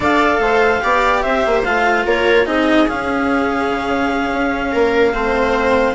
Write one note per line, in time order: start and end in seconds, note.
0.00 0.38 D4
0.00 0.80 A4
0.00 0.40 D5
0.00 1.21 F5
0.38 0.80 A3
0.38 0.82 C5
0.81 1.24 B3
0.81 1.63 G4
0.81 1.22 D5
1.21 1.44 C4
1.21 2.04 C5
1.21 1.62 E5
1.45 1.65 A#3
1.64 2.05 A3
1.64 2.45 F4
1.64 2.05 F5
2.05 2.46 A#3
2.05 2.46 A#4
2.05 2.46 C#5
2.45 2.87 C4
2.45 2.86 D#4
2.45 4.71 G#4
2.45 2.87 D#5
2.88 5.13 C#4
2.88 3.68 C#4
2.88 5.95 F5
3.68 4.30 C#3
4.32 4.73 C#4
4.71 5.14 A#3
4.71 5.12 A#4
5.13 5.95 A3
5.13 5.95 C4
5.13 5.95 C5